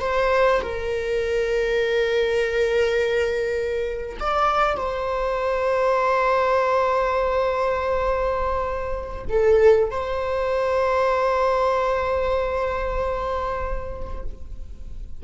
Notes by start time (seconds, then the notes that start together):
0.00 C5
0.62 A#4
4.20 D5
4.76 C5
9.29 A4
9.90 C5